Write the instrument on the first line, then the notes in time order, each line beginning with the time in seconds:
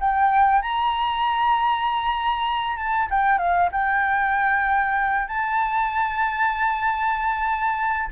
flute
0.00 G5
0.62 A#5
2.77 A5
3.10 G5
3.38 F5
3.72 G5
5.27 A5